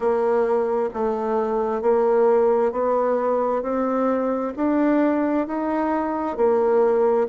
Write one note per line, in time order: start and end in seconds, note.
0.00 0.89 A#3
0.93 1.81 A3
1.81 2.71 A#3
2.71 3.62 B3
3.62 4.53 C4
4.56 5.47 D4
5.47 6.36 D#4
6.36 7.27 A#3